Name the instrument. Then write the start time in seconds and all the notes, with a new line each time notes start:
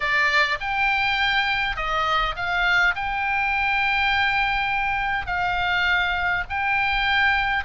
oboe
0.00 D5
0.60 G5
1.76 D#5
2.35 F5
2.95 G5
5.26 F5
6.49 G5